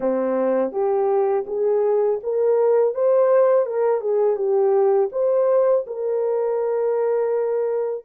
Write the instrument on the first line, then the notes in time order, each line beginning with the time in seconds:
horn
0.00 C4
0.71 G4
1.46 G#4
2.23 A#4
2.94 C5
3.66 A#4
4.00 G#4
4.36 G4
5.12 C5
5.87 A#4